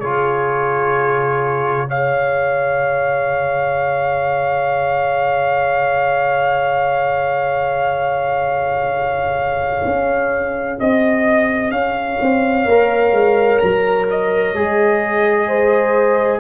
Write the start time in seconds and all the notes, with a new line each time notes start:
0.00 C#3 F4 G#4 C#5
1.88 G#4 C#5 F5
9.86 C#4
10.80 C4 D#5
11.71 C#4 C#5 F5
12.22 C4
12.66 A#3 A#4
13.12 G#3
13.59 F#3 A#5
14.10 D#5
14.54 G#3 G#4
15.47 C5